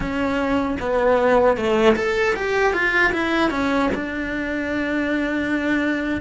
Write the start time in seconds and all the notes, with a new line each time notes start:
0.00 C#4
0.80 B3
1.56 A3
1.96 A4
2.35 G4
2.73 F4
3.12 E4
3.50 C#4
3.94 D4